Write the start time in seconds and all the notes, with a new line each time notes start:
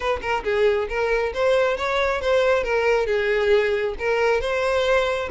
0.00 B4
0.21 A#4
0.44 G#4
0.88 A#4
1.34 C5
1.77 C#5
2.21 C5
2.63 A#4
3.06 G#4
3.98 A#4
4.41 C5